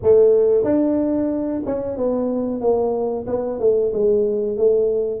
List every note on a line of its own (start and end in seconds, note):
0.02 0.63 A3
0.63 1.61 D4
1.65 1.96 C#4
1.96 2.60 B3
2.60 3.25 A#3
3.26 3.59 B3
3.59 3.92 A3
3.93 4.57 G#3
4.57 5.20 A3